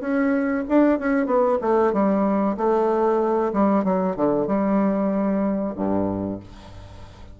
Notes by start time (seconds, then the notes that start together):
0.00 C#4
0.68 D4
0.99 C#4
1.26 B3
1.61 A3
1.93 G3
2.57 A3
3.53 G3
3.84 F#3
4.16 D3
4.47 G3
5.76 G2